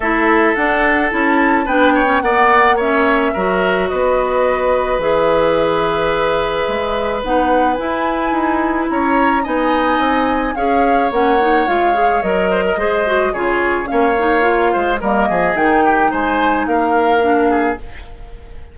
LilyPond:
<<
  \new Staff \with { instrumentName = "flute" } { \time 4/4 \tempo 4 = 108 e''4 fis''4 a''4 g''4 | fis''4 e''2 dis''4~ | dis''4 e''2.~ | e''4 fis''4 gis''2 |
ais''4 gis''2 f''4 | fis''4 f''4 dis''2 | cis''4 f''2 dis''4 | g''4 gis''4 f''2 | }
  \new Staff \with { instrumentName = "oboe" } { \time 4/4 a'2. b'8 cis''8 | d''4 cis''4 ais'4 b'4~ | b'1~ | b'1 |
cis''4 dis''2 cis''4~ | cis''2~ cis''8 c''16 ais'16 c''4 | gis'4 cis''4. c''8 ais'8 gis'8~ | gis'8 g'8 c''4 ais'4. gis'8 | }
  \new Staff \with { instrumentName = "clarinet" } { \time 4/4 e'4 d'4 e'4 d'8. cis'16 | b4 cis'4 fis'2~ | fis'4 gis'2.~ | gis'4 dis'4 e'2~ |
e'4 dis'2 gis'4 | cis'8 dis'8 f'8 gis'8 ais'4 gis'8 fis'8 | f'4 cis'8 dis'8 f'4 ais4 | dis'2. d'4 | }
  \new Staff \with { instrumentName = "bassoon" } { \time 4/4 a4 d'4 cis'4 b4 | ais2 fis4 b4~ | b4 e2. | gis4 b4 e'4 dis'4 |
cis'4 b4 c'4 cis'4 | ais4 gis4 fis4 gis4 | cis4 ais4. gis8 g8 f8 | dis4 gis4 ais2 | }
>>